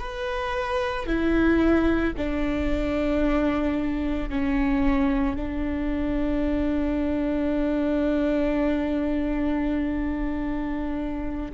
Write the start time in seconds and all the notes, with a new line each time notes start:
0.00 B4
1.07 E4
2.17 D4
4.30 C#4
5.36 D4